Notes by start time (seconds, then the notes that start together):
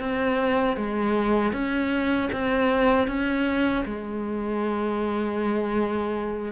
0.00 C4
0.77 G#3
1.53 C#4
2.33 C4
3.08 C#4
3.86 G#3